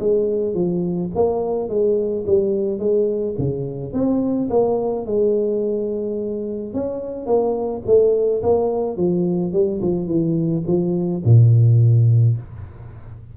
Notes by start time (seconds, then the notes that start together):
0.00 G#3
0.55 F3
1.15 A#3
1.69 G#3
2.27 G3
2.79 G#3
3.38 C#3
3.93 C4
4.50 A#3
5.06 G#3
6.74 C#4
7.26 A#3
7.86 A3
8.43 A#3
8.97 F3
9.53 G3
9.82 F3
10.08 E3
10.67 F3
11.25 A#2